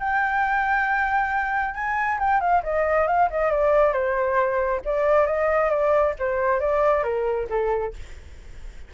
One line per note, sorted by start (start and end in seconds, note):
0.00 1.75 G5
1.75 2.19 G#5
2.20 2.41 G5
2.41 2.63 F5
2.64 3.08 D#5
3.08 3.30 F5
3.31 3.52 D#5
3.52 3.93 D5
3.93 4.82 C5
4.85 5.27 D5
5.27 5.71 D#5
5.71 6.15 D5
6.20 6.61 C5
6.61 7.04 D5
7.04 7.48 A#4
7.50 7.94 A4